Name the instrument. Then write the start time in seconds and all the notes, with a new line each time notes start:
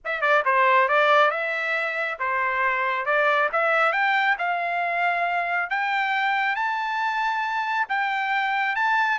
trumpet
0.04 E5
0.21 D5
0.45 C5
0.88 D5
1.30 E5
2.19 C5
3.05 D5
3.52 E5
3.92 G5
4.38 F5
5.70 G5
6.55 A5
7.89 G5
8.75 A5